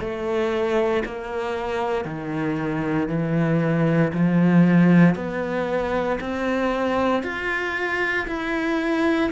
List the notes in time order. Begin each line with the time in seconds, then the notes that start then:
0.00 A3
1.05 A#3
2.05 D#3
3.08 E3
4.13 F3
5.15 B3
6.21 C4
7.23 F4
8.27 E4